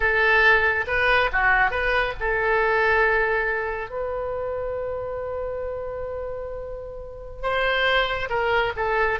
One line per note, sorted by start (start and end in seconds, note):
0.00 0.85 A4
0.87 1.30 B4
1.32 1.70 F#4
1.70 2.13 B4
2.20 3.90 A4
3.90 7.42 B4
7.42 8.28 C5
8.29 8.72 A#4
8.76 9.19 A4